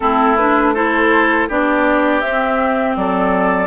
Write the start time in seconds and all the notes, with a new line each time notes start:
0.00 A3 C4 E4 A4
0.36 D4 B4
0.74 E4 A4 C5
1.48 B3 D4 G4 D5
2.20 C4 E5
2.96 F#3 A4 D5